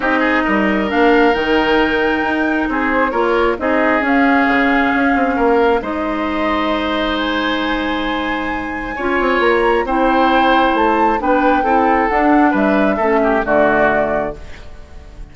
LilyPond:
<<
  \new Staff \with { instrumentName = "flute" } { \time 4/4 \tempo 4 = 134 dis''2 f''4 g''4~ | g''2 c''4 cis''4 | dis''4 f''2.~ | f''4 dis''2. |
gis''1~ | gis''4 ais''4 g''2 | a''4 g''2 fis''4 | e''2 d''2 | }
  \new Staff \with { instrumentName = "oboe" } { \time 4/4 g'8 gis'8 ais'2.~ | ais'2 gis'4 ais'4 | gis'1 | ais'4 c''2.~ |
c''1 | cis''2 c''2~ | c''4 b'4 a'2 | b'4 a'8 g'8 fis'2 | }
  \new Staff \with { instrumentName = "clarinet" } { \time 4/4 dis'2 d'4 dis'4~ | dis'2. f'4 | dis'4 cis'2.~ | cis'4 dis'2.~ |
dis'1 | f'2 e'2~ | e'4 d'4 e'4 d'4~ | d'4 cis'4 a2 | }
  \new Staff \with { instrumentName = "bassoon" } { \time 4/4 c'4 g4 ais4 dis4~ | dis4 dis'4 c'4 ais4 | c'4 cis'4 cis4 cis'8 c'8 | ais4 gis2.~ |
gis1 | cis'8 c'8 ais4 c'2 | a4 b4 c'4 d'4 | g4 a4 d2 | }
>>